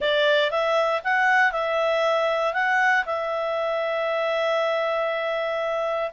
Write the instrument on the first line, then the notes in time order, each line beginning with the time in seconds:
clarinet
0.00 D5
0.51 E5
1.04 F#5
1.51 E5
2.53 F#5
3.05 E5